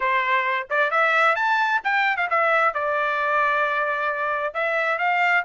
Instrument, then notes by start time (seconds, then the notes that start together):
trumpet
0.00 C5
0.69 D5
0.90 E5
1.35 A5
1.83 G5
2.17 F5
2.30 E5
2.74 D5
4.54 E5
4.98 F5